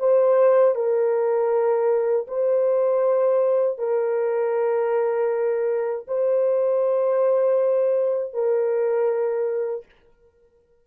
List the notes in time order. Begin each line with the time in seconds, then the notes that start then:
0.00 C5
0.75 A#4
2.28 C5
3.79 A#4
6.08 C5
8.34 A#4